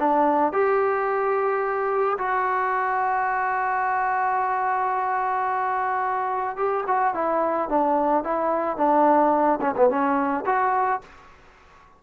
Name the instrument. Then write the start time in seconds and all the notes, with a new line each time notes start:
trombone
0.00 D4
0.53 G4
2.19 F#4
6.57 G4
6.88 F#4
7.15 E4
7.69 D4
8.24 E4
8.77 D4
9.62 C#4
9.77 B3
9.90 C#4
10.46 F#4